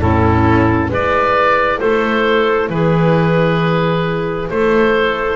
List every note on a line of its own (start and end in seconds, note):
0.00 0.89 A2
0.00 0.92 C#4
0.00 0.89 E4
0.00 0.90 A4
0.89 1.79 G#3
0.89 5.36 E4
0.89 1.78 B4
0.89 1.80 D5
1.79 2.69 A3
1.79 2.69 A4
1.79 2.69 C5
2.69 4.49 E3
2.69 4.51 G#4
2.69 4.49 B4
4.50 5.36 A3
4.50 5.36 A4
4.50 5.36 C5